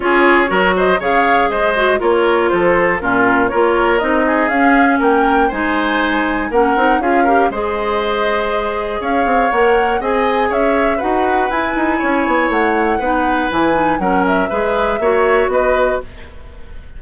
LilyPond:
<<
  \new Staff \with { instrumentName = "flute" } { \time 4/4 \tempo 4 = 120 cis''4. dis''8 f''4 dis''4 | cis''4 c''4 ais'4 cis''4 | dis''4 f''4 g''4 gis''4~ | gis''4 fis''4 f''4 dis''4~ |
dis''2 f''4 fis''4 | gis''4 e''4 fis''4 gis''4~ | gis''4 fis''2 gis''4 | fis''8 e''2~ e''8 dis''4 | }
  \new Staff \with { instrumentName = "oboe" } { \time 4/4 gis'4 ais'8 c''8 cis''4 c''4 | ais'4 a'4 f'4 ais'4~ | ais'8 gis'4. ais'4 c''4~ | c''4 ais'4 gis'8 ais'8 c''4~ |
c''2 cis''2 | dis''4 cis''4 b'2 | cis''2 b'2 | ais'4 b'4 cis''4 b'4 | }
  \new Staff \with { instrumentName = "clarinet" } { \time 4/4 f'4 fis'4 gis'4. fis'8 | f'2 cis'4 f'4 | dis'4 cis'2 dis'4~ | dis'4 cis'8 dis'8 f'8 g'8 gis'4~ |
gis'2. ais'4 | gis'2 fis'4 e'4~ | e'2 dis'4 e'8 dis'8 | cis'4 gis'4 fis'2 | }
  \new Staff \with { instrumentName = "bassoon" } { \time 4/4 cis'4 fis4 cis4 gis4 | ais4 f4 ais,4 ais4 | c'4 cis'4 ais4 gis4~ | gis4 ais8 c'8 cis'4 gis4~ |
gis2 cis'8 c'8 ais4 | c'4 cis'4 dis'4 e'8 dis'8 | cis'8 b8 a4 b4 e4 | fis4 gis4 ais4 b4 | }
>>